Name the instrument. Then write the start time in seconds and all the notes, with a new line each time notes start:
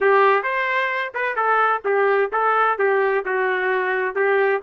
trumpet
0.00 G4
0.43 C5
1.14 B4
1.36 A4
1.84 G4
2.32 A4
2.78 G4
3.25 F#4
4.15 G4